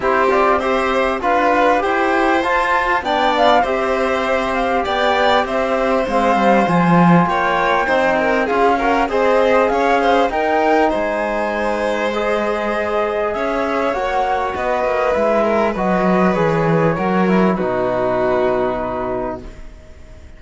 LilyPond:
<<
  \new Staff \with { instrumentName = "flute" } { \time 4/4 \tempo 4 = 99 c''8 d''8 e''4 f''4 g''4 | a''4 g''8 f''8 e''4. f''8 | g''4 e''4 f''4 gis''4 | g''2 f''4 dis''4 |
f''4 g''4 gis''2 | dis''2 e''4 fis''4 | dis''4 e''4 dis''4 cis''4~ | cis''4 b'2. | }
  \new Staff \with { instrumentName = "violin" } { \time 4/4 g'4 c''4 b'4 c''4~ | c''4 d''4 c''2 | d''4 c''2. | cis''4 c''8 ais'8 gis'8 ais'8 c''4 |
cis''8 c''8 ais'4 c''2~ | c''2 cis''2 | b'4. ais'8 b'2 | ais'4 fis'2. | }
  \new Staff \with { instrumentName = "trombone" } { \time 4/4 e'8 f'8 g'4 f'4 g'4 | f'4 d'4 g'2~ | g'2 c'4 f'4~ | f'4 dis'4 f'8 fis'8 gis'4~ |
gis'4 dis'2. | gis'2. fis'4~ | fis'4 e'4 fis'4 gis'4 | fis'8 e'8 dis'2. | }
  \new Staff \with { instrumentName = "cello" } { \time 4/4 c'2 d'4 e'4 | f'4 b4 c'2 | b4 c'4 gis8 g8 f4 | ais4 c'4 cis'4 c'4 |
cis'4 dis'4 gis2~ | gis2 cis'4 ais4 | b8 ais8 gis4 fis4 e4 | fis4 b,2. | }
>>